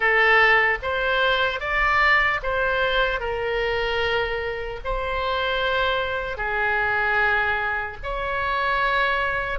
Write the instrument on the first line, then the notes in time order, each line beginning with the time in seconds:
oboe
0.00 A4
0.82 C5
1.60 D5
2.43 C5
3.20 A#4
4.84 C5
6.37 G#4
8.03 C#5